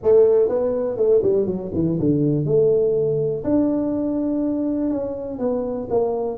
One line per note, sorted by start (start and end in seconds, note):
0.02 0.49 A3
0.49 0.96 B3
0.96 1.21 A3
1.23 1.46 G3
1.46 1.71 F#3
1.74 1.98 E3
1.99 2.45 D3
2.45 3.43 A3
3.43 4.90 D4
4.90 5.38 C#4
5.38 5.87 B3
5.90 6.37 A#3